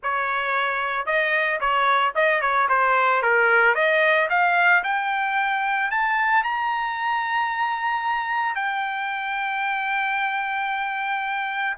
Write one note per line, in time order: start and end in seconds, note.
0.02 1.06 C#5
1.06 1.59 D#5
1.60 2.13 C#5
2.15 2.41 D#5
2.41 2.68 C#5
2.69 3.22 C5
3.22 3.75 A#4
3.75 4.28 D#5
4.29 4.83 F5
4.83 5.90 G5
5.90 6.43 A5
6.43 8.55 A#5
8.55 11.76 G5